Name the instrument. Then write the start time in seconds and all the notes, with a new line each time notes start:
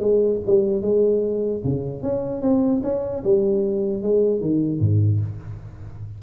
tuba
0.00 G#3
0.47 G3
0.82 G#3
1.64 C#3
2.03 C#4
2.42 C4
2.84 C#4
3.24 G3
4.03 G#3
4.41 D#3
4.81 G#2